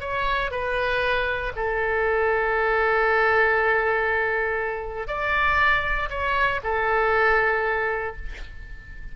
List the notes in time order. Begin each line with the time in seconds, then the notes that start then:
0.00 C#5
0.51 B4
1.56 A4
5.07 D5
6.09 C#5
6.63 A4